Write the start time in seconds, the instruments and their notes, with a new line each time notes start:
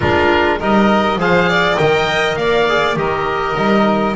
0.00 double bass G#3, trombone D4, violin F4, oboe A#4
0.58 double bass G3, trombone D#4, violin A#4, oboe D#5
1.16 double bass F3, trombone G#4, violin C5, oboe F5
1.48 violin D5
1.76 double bass D#3, trombone A#4, violin D#5, oboe G5
2.36 double bass A#3, violin D5, oboe F5
2.68 trombone G#4
2.95 double bass D#3, trombone G4, violin A#4, oboe D#5
3.56 double bass G3, trombone D#4